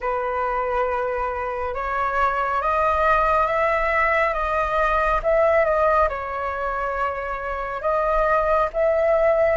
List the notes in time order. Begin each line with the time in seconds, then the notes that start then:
0.00 B4
1.74 C#5
2.61 D#5
3.47 E5
4.33 D#5
5.23 E5
5.64 D#5
6.08 C#5
7.81 D#5
8.73 E5